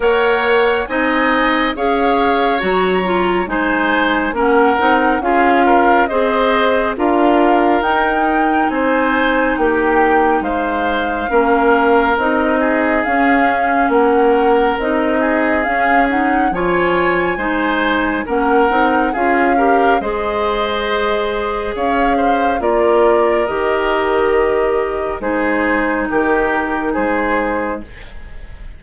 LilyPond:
<<
  \new Staff \with { instrumentName = "flute" } { \time 4/4 \tempo 4 = 69 fis''4 gis''4 f''4 ais''4 | gis''4 fis''4 f''4 dis''4 | f''4 g''4 gis''4 g''4 | f''2 dis''4 f''4 |
fis''4 dis''4 f''8 fis''8 gis''4~ | gis''4 fis''4 f''4 dis''4~ | dis''4 f''4 d''4 dis''4~ | dis''4 c''4 ais'4 c''4 | }
  \new Staff \with { instrumentName = "oboe" } { \time 4/4 cis''4 dis''4 cis''2 | c''4 ais'4 gis'8 ais'8 c''4 | ais'2 c''4 g'4 | c''4 ais'4. gis'4. |
ais'4. gis'4. cis''4 | c''4 ais'4 gis'8 ais'8 c''4~ | c''4 cis''8 c''8 ais'2~ | ais'4 gis'4 g'4 gis'4 | }
  \new Staff \with { instrumentName = "clarinet" } { \time 4/4 ais'4 dis'4 gis'4 fis'8 f'8 | dis'4 cis'8 dis'8 f'4 gis'4 | f'4 dis'2.~ | dis'4 cis'4 dis'4 cis'4~ |
cis'4 dis'4 cis'8 dis'8 f'4 | dis'4 cis'8 dis'8 f'8 g'8 gis'4~ | gis'2 f'4 g'4~ | g'4 dis'2. | }
  \new Staff \with { instrumentName = "bassoon" } { \time 4/4 ais4 c'4 cis'4 fis4 | gis4 ais8 c'8 cis'4 c'4 | d'4 dis'4 c'4 ais4 | gis4 ais4 c'4 cis'4 |
ais4 c'4 cis'4 f4 | gis4 ais8 c'8 cis'4 gis4~ | gis4 cis'4 ais4 dis4~ | dis4 gis4 dis4 gis4 | }
>>